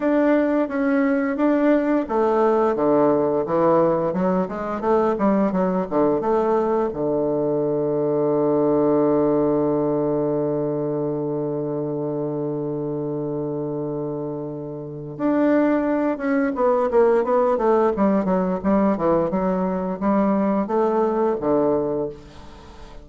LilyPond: \new Staff \with { instrumentName = "bassoon" } { \time 4/4 \tempo 4 = 87 d'4 cis'4 d'4 a4 | d4 e4 fis8 gis8 a8 g8 | fis8 d8 a4 d2~ | d1~ |
d1~ | d2 d'4. cis'8 | b8 ais8 b8 a8 g8 fis8 g8 e8 | fis4 g4 a4 d4 | }